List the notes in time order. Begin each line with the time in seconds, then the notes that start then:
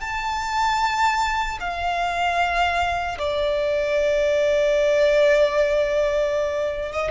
0.00 A5
1.60 F5
3.18 D5
6.92 D#5